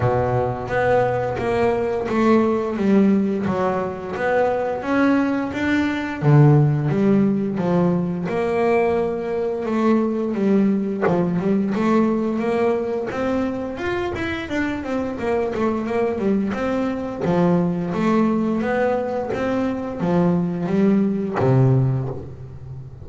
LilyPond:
\new Staff \with { instrumentName = "double bass" } { \time 4/4 \tempo 4 = 87 b,4 b4 ais4 a4 | g4 fis4 b4 cis'4 | d'4 d4 g4 f4 | ais2 a4 g4 |
f8 g8 a4 ais4 c'4 | f'8 e'8 d'8 c'8 ais8 a8 ais8 g8 | c'4 f4 a4 b4 | c'4 f4 g4 c4 | }